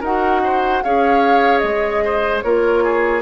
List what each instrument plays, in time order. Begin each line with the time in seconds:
0.00 bassoon D#4, clarinet F#4, oboe A#4, flute F#5
0.43 oboe C5
0.83 bassoon C#4, clarinet G#4, oboe C#5, flute F5
1.58 bassoon G#3, flute D#5
2.04 oboe C5
2.41 bassoon A#3, clarinet F4, oboe A#4, flute C#5
2.83 oboe G#4